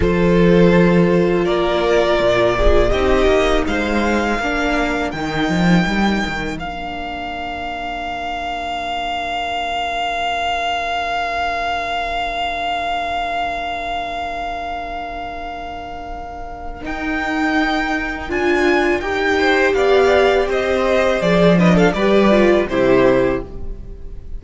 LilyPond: <<
  \new Staff \with { instrumentName = "violin" } { \time 4/4 \tempo 4 = 82 c''2 d''2 | dis''4 f''2 g''4~ | g''4 f''2.~ | f''1~ |
f''1~ | f''2. g''4~ | g''4 gis''4 g''4 f''4 | dis''4 d''8 dis''16 f''16 d''4 c''4 | }
  \new Staff \with { instrumentName = "violin" } { \time 4/4 a'2 ais'4. gis'8 | g'4 c''4 ais'2~ | ais'1~ | ais'1~ |
ais'1~ | ais'1~ | ais'2~ ais'8 c''8 d''4 | c''4. b'16 a'16 b'4 g'4 | }
  \new Staff \with { instrumentName = "viola" } { \time 4/4 f'1 | dis'2 d'4 dis'4~ | dis'4 d'2.~ | d'1~ |
d'1~ | d'2. dis'4~ | dis'4 f'4 g'2~ | g'4 gis'8 d'8 g'8 f'8 e'4 | }
  \new Staff \with { instrumentName = "cello" } { \time 4/4 f2 ais4 ais,4 | c'8 ais8 gis4 ais4 dis8 f8 | g8 dis8 ais2.~ | ais1~ |
ais1~ | ais2. dis'4~ | dis'4 d'4 dis'4 b4 | c'4 f4 g4 c4 | }
>>